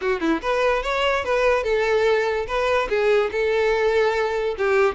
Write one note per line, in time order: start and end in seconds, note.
0.01 0.20 F#4
0.20 0.41 E4
0.41 0.83 B4
0.83 1.24 C#5
1.24 1.63 B4
1.63 2.46 A4
2.47 2.88 B4
2.89 3.30 G#4
3.31 4.55 A4
4.58 4.94 G4